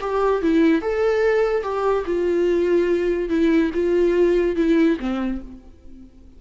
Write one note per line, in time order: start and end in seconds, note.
0.00 0.42 G4
0.42 0.82 E4
0.82 1.63 A4
1.63 2.05 G4
2.05 3.29 F4
3.29 3.71 E4
3.74 4.56 F4
4.56 4.97 E4
4.99 5.41 C4